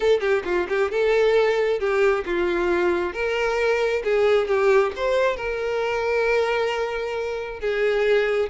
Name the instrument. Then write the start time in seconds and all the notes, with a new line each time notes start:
violin
0.00 A4
0.20 G4
0.44 F4
0.68 G4
0.91 A4
1.79 G4
2.25 F4
3.13 A#4
4.04 G#4
4.47 G4
4.96 C5
5.36 A#4
7.60 G#4